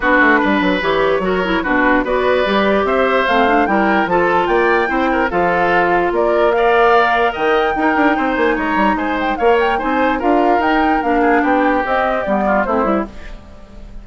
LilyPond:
<<
  \new Staff \with { instrumentName = "flute" } { \time 4/4 \tempo 4 = 147 b'2 cis''2 | b'4 d''2 e''4 | f''4 g''4 a''4 g''4~ | g''4 f''2 d''4 |
f''2 g''2~ | g''8 gis''8 ais''4 gis''8 g''8 f''8 g''8 | gis''4 f''4 g''4 f''4 | g''4 dis''4 d''4 c''4 | }
  \new Staff \with { instrumentName = "oboe" } { \time 4/4 fis'4 b'2 ais'4 | fis'4 b'2 c''4~ | c''4 ais'4 a'4 d''4 | c''8 ais'8 a'2 ais'4 |
d''2 dis''4 ais'4 | c''4 cis''4 c''4 cis''4 | c''4 ais'2~ ais'8 gis'8 | g'2~ g'8 f'8 e'4 | }
  \new Staff \with { instrumentName = "clarinet" } { \time 4/4 d'2 g'4 fis'8 e'8 | d'4 fis'4 g'2 | c'8 d'8 e'4 f'2 | e'4 f'2. |
ais'2. dis'4~ | dis'2. ais'4 | dis'4 f'4 dis'4 d'4~ | d'4 c'4 b4 c'8 e'8 | }
  \new Staff \with { instrumentName = "bassoon" } { \time 4/4 b8 a8 g8 fis8 e4 fis4 | b,4 b4 g4 c'4 | a4 g4 f4 ais4 | c'4 f2 ais4~ |
ais2 dis4 dis'8 d'8 | c'8 ais8 gis8 g8 gis4 ais4 | c'4 d'4 dis'4 ais4 | b4 c'4 g4 a8 g8 | }
>>